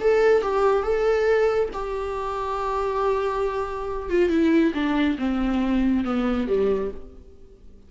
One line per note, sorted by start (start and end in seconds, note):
0.00 0.42 A4
0.42 0.83 G4
0.83 1.69 A4
1.73 4.09 G4
4.09 4.29 F4
4.29 4.72 E4
4.74 5.17 D4
5.18 6.04 C4
6.04 6.47 B3
6.47 6.90 G3